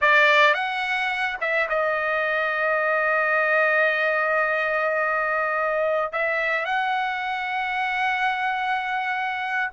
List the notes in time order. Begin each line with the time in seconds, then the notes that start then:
0.01 D5
0.54 F#5
1.40 E5
1.69 D#5
6.12 E5
6.65 F#5